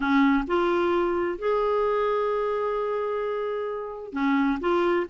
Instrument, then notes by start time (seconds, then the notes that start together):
clarinet
0.00 C#4
0.47 F4
1.38 G#4
4.12 C#4
4.60 F4